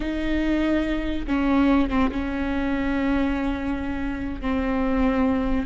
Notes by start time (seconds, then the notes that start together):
0.00 D#4
1.26 C#4
1.89 C4
2.11 C#4
4.41 C4